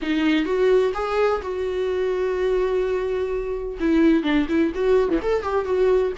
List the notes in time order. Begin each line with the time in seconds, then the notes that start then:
0.02 D#4
0.45 F#4
0.94 G#4
1.42 F#4
3.79 E4
4.23 D4
4.48 E4
4.74 F#4
5.09 E3
5.22 A4
5.42 G4
5.65 F#4